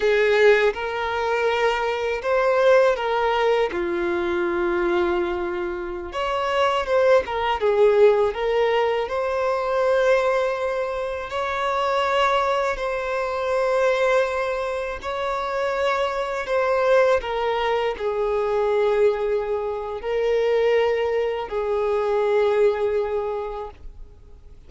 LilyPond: \new Staff \with { instrumentName = "violin" } { \time 4/4 \tempo 4 = 81 gis'4 ais'2 c''4 | ais'4 f'2.~ | f'16 cis''4 c''8 ais'8 gis'4 ais'8.~ | ais'16 c''2. cis''8.~ |
cis''4~ cis''16 c''2~ c''8.~ | c''16 cis''2 c''4 ais'8.~ | ais'16 gis'2~ gis'8. ais'4~ | ais'4 gis'2. | }